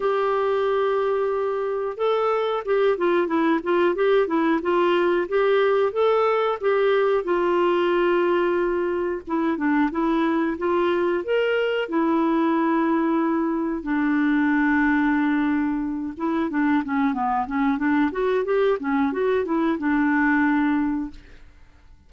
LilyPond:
\new Staff \with { instrumentName = "clarinet" } { \time 4/4 \tempo 4 = 91 g'2. a'4 | g'8 f'8 e'8 f'8 g'8 e'8 f'4 | g'4 a'4 g'4 f'4~ | f'2 e'8 d'8 e'4 |
f'4 ais'4 e'2~ | e'4 d'2.~ | d'8 e'8 d'8 cis'8 b8 cis'8 d'8 fis'8 | g'8 cis'8 fis'8 e'8 d'2 | }